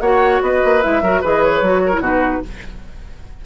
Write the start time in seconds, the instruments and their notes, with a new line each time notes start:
0.00 bassoon A#3, clarinet F#4, oboe C#5, flute F#5
0.41 bassoon B3, oboe B4, flute D#5
0.64 bassoon A#3
0.81 bassoon G#3, clarinet E4, flute E5
1.01 bassoon F#3, clarinet F#4, oboe A#4
1.21 bassoon E3, clarinet G#4, oboe B4, flute D#5
1.43 flute C#5
1.61 bassoon F#3, clarinet F#4
1.86 oboe A#4
1.93 bassoon B2, clarinet E4
2.01 clarinet D#4, oboe F#4, flute B4